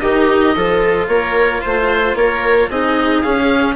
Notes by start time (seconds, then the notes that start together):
0.00 D#3 D#4 G4 D#5
0.55 F3 F4 A4
1.08 A#3 A#4 C#5
1.62 A3 C5
2.15 A#3 A#4 C#5
2.70 C4 D#4 G#4 D#5
3.22 C#4 F5